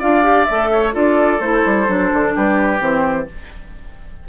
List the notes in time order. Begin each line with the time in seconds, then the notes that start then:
0.00 D4 F4 D5 F5
0.23 G4
0.45 A3 A4 E5
0.72 C#5
0.93 D4 F4 A4 D5
1.40 A3 E4 C5
1.65 G3
1.87 F#3 D4
2.13 D3
2.35 G3 G4 B4
2.79 E3 C4 C5